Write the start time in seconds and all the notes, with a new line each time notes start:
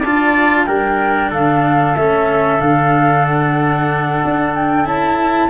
0.00 D4 F4 D5 A5
0.66 G3 D4 A#4 G5
1.30 D3 A4 F5
1.96 A3 C#4 E5
2.59 D3 D4 F5
3.26 F#5
4.25 D4
4.55 G5
4.85 C#4 E4 A5